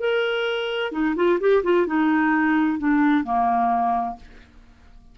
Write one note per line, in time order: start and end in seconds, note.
0.00 0.92 A#4
0.92 1.15 D#4
1.16 1.39 F4
1.40 1.63 G4
1.64 1.87 F4
1.87 2.79 D#4
2.79 3.24 D4
3.24 4.16 A#3